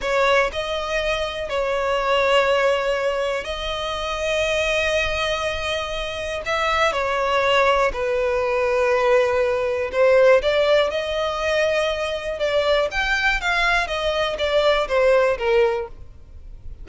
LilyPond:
\new Staff \with { instrumentName = "violin" } { \time 4/4 \tempo 4 = 121 cis''4 dis''2 cis''4~ | cis''2. dis''4~ | dis''1~ | dis''4 e''4 cis''2 |
b'1 | c''4 d''4 dis''2~ | dis''4 d''4 g''4 f''4 | dis''4 d''4 c''4 ais'4 | }